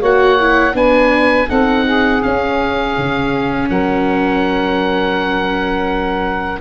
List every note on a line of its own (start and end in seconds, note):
0.00 0.74 A#3
0.00 0.38 F#4
0.00 0.73 C#5
0.00 0.76 F#5
0.40 0.73 E4
0.73 1.47 B3
0.73 1.46 D4
0.73 1.48 B4
0.73 1.49 G#5
1.48 2.24 C4
1.48 2.22 D#4
1.48 1.84 A4
1.48 2.23 F#5
1.84 3.67 G#4
2.22 6.60 C#4
2.22 2.97 C#4
2.22 3.69 F5
2.97 3.70 C#3
3.69 6.60 F#3
3.69 6.60 A#4
3.69 6.60 F#5